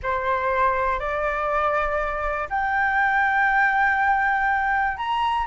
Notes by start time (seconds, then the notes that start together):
0.02 C5
0.99 D5
2.49 G5
4.97 A#5